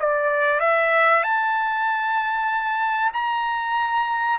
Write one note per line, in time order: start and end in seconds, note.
0.00 0.60 D5
0.60 1.23 E5
1.23 3.13 A5
3.13 4.40 A#5